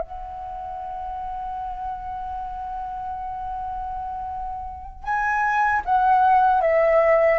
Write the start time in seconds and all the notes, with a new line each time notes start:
0.00 F#5
5.04 G#5
5.85 F#5
6.61 E5